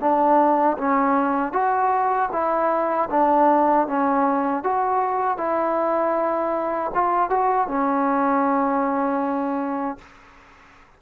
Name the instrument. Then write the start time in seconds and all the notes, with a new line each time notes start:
trombone
0.00 D4
0.78 C#4
1.52 F#4
2.32 E4
3.10 D4
3.87 C#4
4.63 F#4
5.37 E4
6.94 F4
7.30 F#4
7.67 C#4